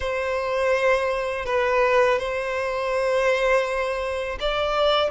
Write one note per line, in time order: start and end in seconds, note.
0.00 1.45 C5
1.45 2.18 B4
2.18 4.38 C5
4.39 5.10 D5